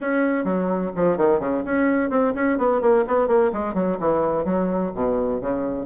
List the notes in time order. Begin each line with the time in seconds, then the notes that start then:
0.00 C#4
0.44 F#3
0.95 F3
1.17 D#3
1.39 C#3
1.64 C#4
2.10 C4
2.34 C#4
2.58 B3
2.81 A#3
3.07 B3
3.27 A#3
3.52 G#3
3.74 F#3
3.99 E3
4.44 F#3
4.94 B2
5.40 C#3